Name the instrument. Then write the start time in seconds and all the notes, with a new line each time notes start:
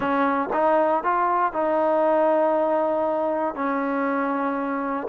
trombone
0.00 C#4
0.53 D#4
1.03 F4
1.52 D#4
3.55 C#4